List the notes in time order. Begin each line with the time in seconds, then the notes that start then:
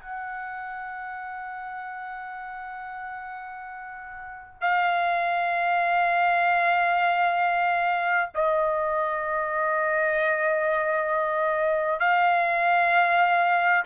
0.00 F#5
4.61 F5
8.35 D#5
12.00 F5